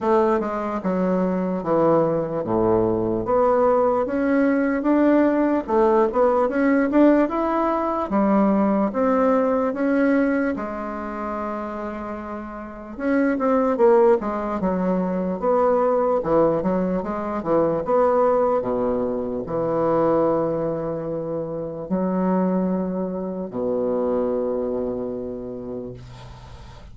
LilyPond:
\new Staff \with { instrumentName = "bassoon" } { \time 4/4 \tempo 4 = 74 a8 gis8 fis4 e4 a,4 | b4 cis'4 d'4 a8 b8 | cis'8 d'8 e'4 g4 c'4 | cis'4 gis2. |
cis'8 c'8 ais8 gis8 fis4 b4 | e8 fis8 gis8 e8 b4 b,4 | e2. fis4~ | fis4 b,2. | }